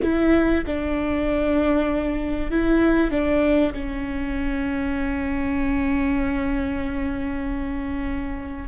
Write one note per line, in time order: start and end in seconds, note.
0.02 0.64 E4
0.66 2.51 D4
2.51 3.10 E4
3.10 3.72 D4
3.73 8.68 C#4